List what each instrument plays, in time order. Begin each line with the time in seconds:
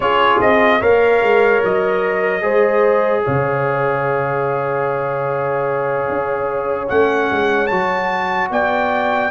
0.00 tuba C#4, trombone F4, horn G#4, trumpet C#5
0.41 tuba C4, trumpet D#5
0.80 tuba A#3, trombone A#4, horn C#5, trumpet F5
1.22 tuba G#3
1.64 tuba F#3, trumpet D#5
2.41 tuba G#3, trombone G#4, horn C5
3.24 tuba C#3, horn C#5, trumpet F5
6.08 tuba C#4
6.88 tuba A3, trombone C#4, trumpet F#5
7.31 tuba G#3
7.66 tuba F#3, trombone F#4, trumpet A5
8.50 tuba B3, horn D5, trumpet G5